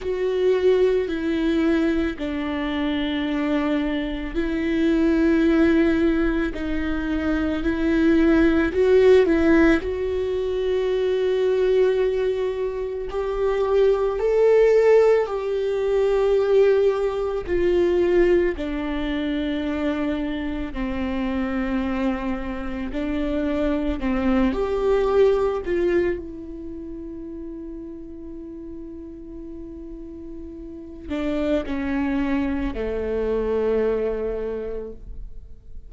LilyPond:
\new Staff \with { instrumentName = "viola" } { \time 4/4 \tempo 4 = 55 fis'4 e'4 d'2 | e'2 dis'4 e'4 | fis'8 e'8 fis'2. | g'4 a'4 g'2 |
f'4 d'2 c'4~ | c'4 d'4 c'8 g'4 f'8 | e'1~ | e'8 d'8 cis'4 a2 | }